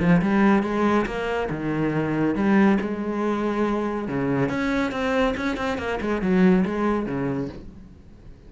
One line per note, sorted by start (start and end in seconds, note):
0.00 0.21 F3
0.22 0.63 G3
0.63 1.06 G#3
1.06 1.49 A#3
1.50 2.36 D#3
2.36 2.78 G3
2.81 4.08 G#3
4.08 4.49 C#3
4.49 4.92 C#4
4.92 5.35 C4
5.37 5.57 C#4
5.57 5.78 C4
5.78 5.99 A#3
6.01 6.22 G#3
6.22 6.65 F#3
6.65 7.06 G#3
7.06 7.49 C#3